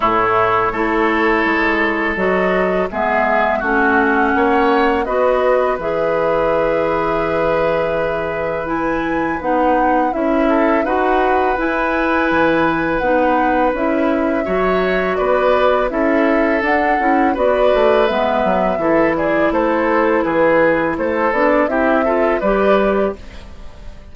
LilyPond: <<
  \new Staff \with { instrumentName = "flute" } { \time 4/4 \tempo 4 = 83 cis''2. dis''4 | e''4 fis''2 dis''4 | e''1 | gis''4 fis''4 e''4 fis''4 |
gis''2 fis''4 e''4~ | e''4 d''4 e''4 fis''4 | d''4 e''4. d''8 c''4 | b'4 c''8 d''8 e''4 d''4 | }
  \new Staff \with { instrumentName = "oboe" } { \time 4/4 e'4 a'2. | gis'4 fis'4 cis''4 b'4~ | b'1~ | b'2~ b'8 a'8 b'4~ |
b'1 | cis''4 b'4 a'2 | b'2 a'8 gis'8 a'4 | gis'4 a'4 g'8 a'8 b'4 | }
  \new Staff \with { instrumentName = "clarinet" } { \time 4/4 a4 e'2 fis'4 | b4 cis'2 fis'4 | gis'1 | e'4 dis'4 e'4 fis'4 |
e'2 dis'4 e'4 | fis'2 e'4 d'8 e'8 | fis'4 b4 e'2~ | e'4. d'8 e'8 f'8 g'4 | }
  \new Staff \with { instrumentName = "bassoon" } { \time 4/4 a,4 a4 gis4 fis4 | gis4 a4 ais4 b4 | e1~ | e4 b4 cis'4 dis'4 |
e'4 e4 b4 cis'4 | fis4 b4 cis'4 d'8 cis'8 | b8 a8 gis8 fis8 e4 a4 | e4 a8 b8 c'4 g4 | }
>>